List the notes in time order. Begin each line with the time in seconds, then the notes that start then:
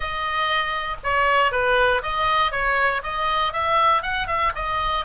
0.00 D#5
1.03 C#5
1.51 B4
2.02 D#5
2.51 C#5
3.03 D#5
3.52 E5
4.02 F#5
4.27 E5
4.55 D#5